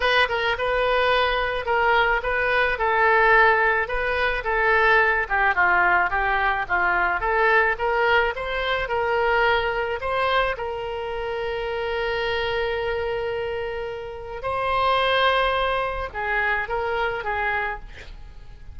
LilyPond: \new Staff \with { instrumentName = "oboe" } { \time 4/4 \tempo 4 = 108 b'8 ais'8 b'2 ais'4 | b'4 a'2 b'4 | a'4. g'8 f'4 g'4 | f'4 a'4 ais'4 c''4 |
ais'2 c''4 ais'4~ | ais'1~ | ais'2 c''2~ | c''4 gis'4 ais'4 gis'4 | }